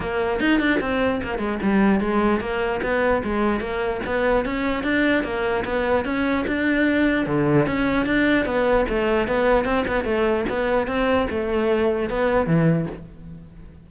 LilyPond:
\new Staff \with { instrumentName = "cello" } { \time 4/4 \tempo 4 = 149 ais4 dis'8 d'8 c'4 ais8 gis8 | g4 gis4 ais4 b4 | gis4 ais4 b4 cis'4 | d'4 ais4 b4 cis'4 |
d'2 d4 cis'4 | d'4 b4 a4 b4 | c'8 b8 a4 b4 c'4 | a2 b4 e4 | }